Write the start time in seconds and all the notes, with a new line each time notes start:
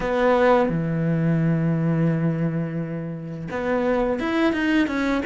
0.00 B3
0.69 E3
3.50 B3
4.19 E4
4.52 D#4
4.87 C#4